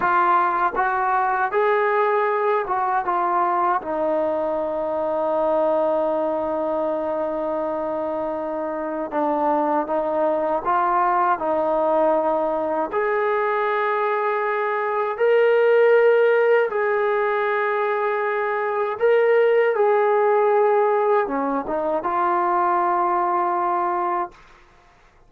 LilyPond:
\new Staff \with { instrumentName = "trombone" } { \time 4/4 \tempo 4 = 79 f'4 fis'4 gis'4. fis'8 | f'4 dis'2.~ | dis'1 | d'4 dis'4 f'4 dis'4~ |
dis'4 gis'2. | ais'2 gis'2~ | gis'4 ais'4 gis'2 | cis'8 dis'8 f'2. | }